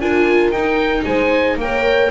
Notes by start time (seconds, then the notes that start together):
0.00 D4 F4 A#4 G#5
0.51 D#4 G5
0.57 D#4
1.05 G#3 C5 G#5
1.57 A#3 A#4 C#5 G5